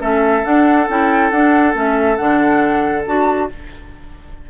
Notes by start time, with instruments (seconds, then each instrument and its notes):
0.00 bassoon A3, clarinet C#4, oboe A4, flute E5
0.44 clarinet D4, bassoon D4, flute F#5
0.89 bassoon C#4, clarinet E4, flute G5
1.31 bassoon D4, clarinet D4, flute F#5
1.74 bassoon A3, clarinet C#4, flute E5
2.17 bassoon D3, clarinet D4, flute F#5
3.06 bassoon D4, clarinet F#4, flute A5